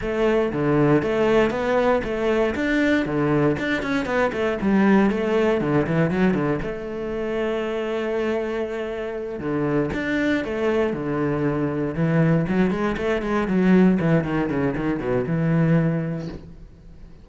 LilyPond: \new Staff \with { instrumentName = "cello" } { \time 4/4 \tempo 4 = 118 a4 d4 a4 b4 | a4 d'4 d4 d'8 cis'8 | b8 a8 g4 a4 d8 e8 | fis8 d8 a2.~ |
a2~ a8 d4 d'8~ | d'8 a4 d2 e8~ | e8 fis8 gis8 a8 gis8 fis4 e8 | dis8 cis8 dis8 b,8 e2 | }